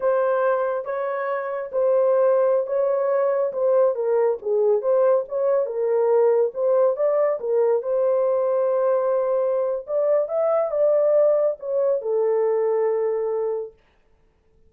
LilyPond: \new Staff \with { instrumentName = "horn" } { \time 4/4 \tempo 4 = 140 c''2 cis''2 | c''2~ c''16 cis''4.~ cis''16~ | cis''16 c''4 ais'4 gis'4 c''8.~ | c''16 cis''4 ais'2 c''8.~ |
c''16 d''4 ais'4 c''4.~ c''16~ | c''2. d''4 | e''4 d''2 cis''4 | a'1 | }